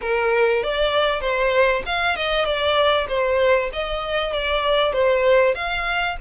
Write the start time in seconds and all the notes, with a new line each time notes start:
0.01 A#4
0.63 D5
1.21 C5
1.86 F5
2.16 D#5
2.45 D5
3.08 C5
3.72 D#5
4.32 D5
4.93 C5
5.54 F5